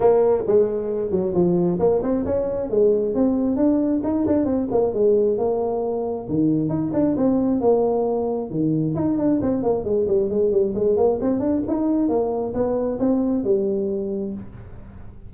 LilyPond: \new Staff \with { instrumentName = "tuba" } { \time 4/4 \tempo 4 = 134 ais4 gis4. fis8 f4 | ais8 c'8 cis'4 gis4 c'4 | d'4 dis'8 d'8 c'8 ais8 gis4 | ais2 dis4 dis'8 d'8 |
c'4 ais2 dis4 | dis'8 d'8 c'8 ais8 gis8 g8 gis8 g8 | gis8 ais8 c'8 d'8 dis'4 ais4 | b4 c'4 g2 | }